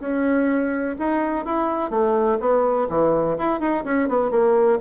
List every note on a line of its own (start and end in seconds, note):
0.00 0.96 C#4
0.98 1.45 D#4
1.45 1.90 E4
1.90 2.38 A3
2.40 2.88 B3
2.89 3.37 E3
3.38 3.60 E4
3.60 3.84 D#4
3.84 4.08 C#4
4.08 4.31 B3
4.31 4.79 A#3